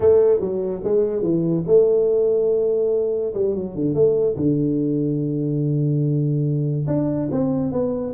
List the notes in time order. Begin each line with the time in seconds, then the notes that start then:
0.00 A3
0.40 F#3
0.83 G#3
1.22 E3
1.66 A3
3.34 G3
3.55 F#3
3.75 D3
3.94 A3
4.36 D3
6.87 D4
7.31 C4
7.72 B3